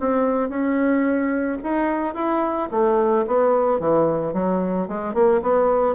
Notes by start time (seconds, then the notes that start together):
0.00 C4
0.49 C#4
1.64 D#4
2.14 E4
2.71 A3
3.27 B3
3.80 E3
4.34 F#3
4.88 G#3
5.14 A#3
5.42 B3